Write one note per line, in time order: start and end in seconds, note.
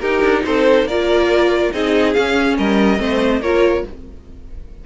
0.00 0.22 D#4
0.00 0.88 D#4
0.00 0.44 G4
0.00 0.43 A#4
0.22 0.44 D4
0.45 0.84 C4
0.45 0.89 A4
0.45 0.88 C5
0.84 1.69 A#3
0.84 1.73 A#4
0.84 1.73 D5
0.90 1.73 F4
1.73 2.16 C4
1.73 2.16 D#4
1.73 2.58 G#4
1.73 2.14 D#5
2.14 2.98 C#4
2.14 2.59 C#4
2.14 2.56 F5
2.58 3.00 G3
2.58 3.00 A#4
2.58 3.42 D#5
2.98 3.41 A3
2.98 3.41 C4
2.98 3.42 C5
3.41 3.84 A#3
3.41 3.86 F4
3.41 3.84 A#4
3.41 3.85 C#5